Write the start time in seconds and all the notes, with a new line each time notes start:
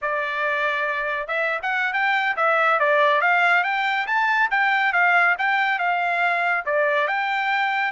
0.01 D5
1.27 E5
1.62 F#5
1.93 G5
2.36 E5
2.79 D5
3.21 F5
3.63 G5
4.06 A5
4.50 G5
4.92 F5
5.38 G5
5.78 F5
6.65 D5
7.07 G5